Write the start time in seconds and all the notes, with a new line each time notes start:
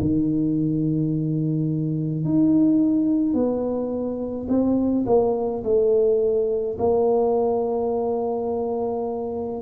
0.00 D#3
2.24 D#4
3.33 B3
4.48 C4
5.06 A#3
5.63 A3
6.79 A#3